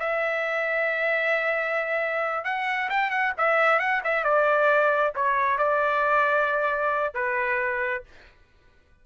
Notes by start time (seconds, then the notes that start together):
0.00 E5
2.45 F#5
2.90 G5
3.11 F#5
3.38 E5
3.80 F#5
4.05 E5
4.25 D5
5.16 C#5
5.58 D5
7.15 B4